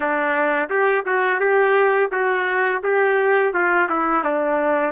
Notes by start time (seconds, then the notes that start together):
0.00 D4
0.69 G4
1.05 F#4
1.39 G4
2.11 F#4
2.83 G4
3.53 F4
3.89 E4
4.24 D4